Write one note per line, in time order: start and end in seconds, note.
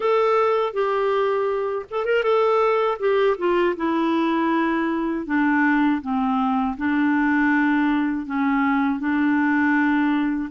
0.00 0.73 A4
0.73 1.85 G4
1.90 2.05 A4
2.05 2.23 A#4
2.23 2.98 A4
2.99 3.36 G4
3.38 3.75 F4
3.76 5.26 E4
5.26 6.01 D4
6.01 6.76 C4
6.77 8.26 D4
8.26 8.99 C#4
8.99 10.49 D4